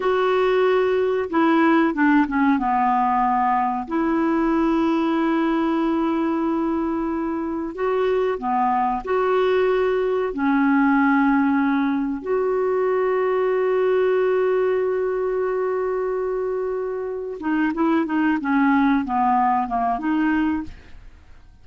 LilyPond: \new Staff \with { instrumentName = "clarinet" } { \time 4/4 \tempo 4 = 93 fis'2 e'4 d'8 cis'8 | b2 e'2~ | e'1 | fis'4 b4 fis'2 |
cis'2. fis'4~ | fis'1~ | fis'2. dis'8 e'8 | dis'8 cis'4 b4 ais8 dis'4 | }